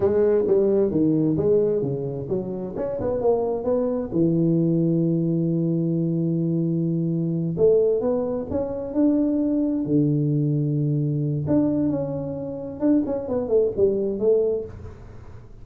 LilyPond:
\new Staff \with { instrumentName = "tuba" } { \time 4/4 \tempo 4 = 131 gis4 g4 dis4 gis4 | cis4 fis4 cis'8 b8 ais4 | b4 e2.~ | e1~ |
e8 a4 b4 cis'4 d'8~ | d'4. d2~ d8~ | d4 d'4 cis'2 | d'8 cis'8 b8 a8 g4 a4 | }